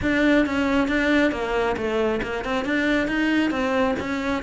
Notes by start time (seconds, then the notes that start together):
0.02 D4
0.46 C#4
0.88 D4
1.31 A#3
1.76 A3
2.22 A#3
2.44 C4
2.64 D4
3.07 D#4
3.50 C4
3.99 C#4